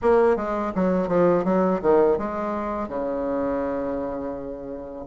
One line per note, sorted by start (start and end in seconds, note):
0.02 0.36 A#3
0.36 0.72 G#3
0.75 1.08 F#3
1.08 1.44 F3
1.44 1.80 F#3
1.82 2.18 D#3
2.18 2.88 G#3
2.88 5.05 C#3